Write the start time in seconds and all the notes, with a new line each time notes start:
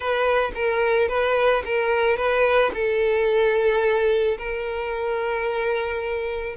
0.00 B4
0.54 A#4
1.08 B4
1.65 A#4
2.16 B4
2.73 A4
4.38 A#4